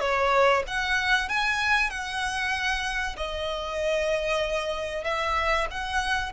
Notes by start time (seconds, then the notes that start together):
0.00 C#5
0.67 F#5
1.29 G#5
1.90 F#5
3.17 D#5
5.04 E5
5.71 F#5